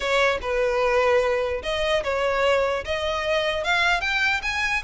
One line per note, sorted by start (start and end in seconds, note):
0.00 0.38 C#5
0.41 1.62 B4
1.63 2.03 D#5
2.03 2.84 C#5
2.84 3.64 D#5
3.64 4.00 F5
4.00 4.41 G5
4.42 4.82 G#5